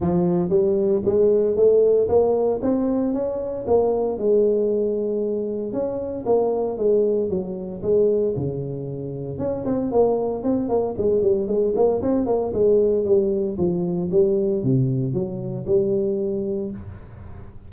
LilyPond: \new Staff \with { instrumentName = "tuba" } { \time 4/4 \tempo 4 = 115 f4 g4 gis4 a4 | ais4 c'4 cis'4 ais4 | gis2. cis'4 | ais4 gis4 fis4 gis4 |
cis2 cis'8 c'8 ais4 | c'8 ais8 gis8 g8 gis8 ais8 c'8 ais8 | gis4 g4 f4 g4 | c4 fis4 g2 | }